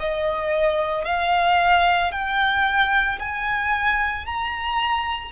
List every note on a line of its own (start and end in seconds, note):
0.00 1.05 D#5
1.05 2.12 F5
2.12 3.19 G5
3.19 4.26 G#5
4.26 5.32 A#5